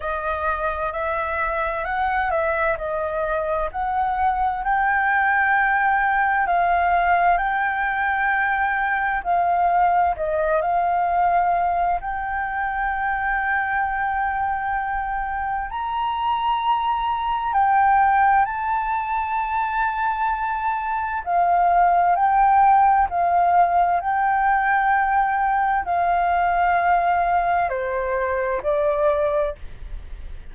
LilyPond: \new Staff \with { instrumentName = "flute" } { \time 4/4 \tempo 4 = 65 dis''4 e''4 fis''8 e''8 dis''4 | fis''4 g''2 f''4 | g''2 f''4 dis''8 f''8~ | f''4 g''2.~ |
g''4 ais''2 g''4 | a''2. f''4 | g''4 f''4 g''2 | f''2 c''4 d''4 | }